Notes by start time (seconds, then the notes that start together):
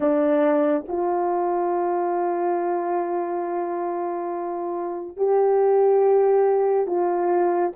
0.00 D4
0.88 F4
5.16 G4
6.86 F4